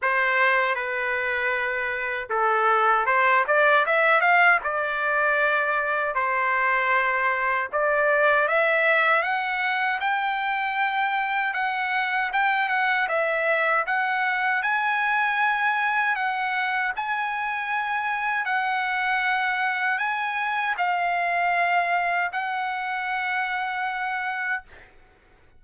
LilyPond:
\new Staff \with { instrumentName = "trumpet" } { \time 4/4 \tempo 4 = 78 c''4 b'2 a'4 | c''8 d''8 e''8 f''8 d''2 | c''2 d''4 e''4 | fis''4 g''2 fis''4 |
g''8 fis''8 e''4 fis''4 gis''4~ | gis''4 fis''4 gis''2 | fis''2 gis''4 f''4~ | f''4 fis''2. | }